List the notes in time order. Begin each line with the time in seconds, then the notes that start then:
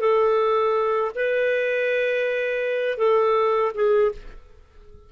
0.00 A4
1.14 B4
2.98 A4
3.74 G#4